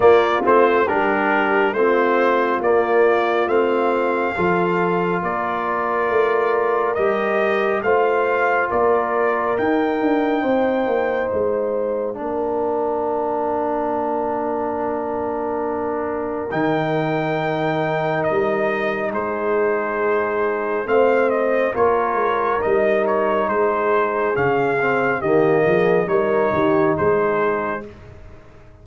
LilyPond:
<<
  \new Staff \with { instrumentName = "trumpet" } { \time 4/4 \tempo 4 = 69 d''8 c''8 ais'4 c''4 d''4 | f''2 d''2 | dis''4 f''4 d''4 g''4~ | g''4 f''2.~ |
f''2. g''4~ | g''4 dis''4 c''2 | f''8 dis''8 cis''4 dis''8 cis''8 c''4 | f''4 dis''4 cis''4 c''4 | }
  \new Staff \with { instrumentName = "horn" } { \time 4/4 f'4 g'4 f'2~ | f'4 a'4 ais'2~ | ais'4 c''4 ais'2 | c''2 ais'2~ |
ais'1~ | ais'2 gis'2 | c''4 ais'2 gis'4~ | gis'4 g'8 gis'8 ais'8 g'8 gis'4 | }
  \new Staff \with { instrumentName = "trombone" } { \time 4/4 ais8 c'8 d'4 c'4 ais4 | c'4 f'2. | g'4 f'2 dis'4~ | dis'2 d'2~ |
d'2. dis'4~ | dis'1 | c'4 f'4 dis'2 | cis'8 c'8 ais4 dis'2 | }
  \new Staff \with { instrumentName = "tuba" } { \time 4/4 ais8 a8 g4 a4 ais4 | a4 f4 ais4 a4 | g4 a4 ais4 dis'8 d'8 | c'8 ais8 gis4 ais2~ |
ais2. dis4~ | dis4 g4 gis2 | a4 ais8 gis8 g4 gis4 | cis4 dis8 f8 g8 dis8 gis4 | }
>>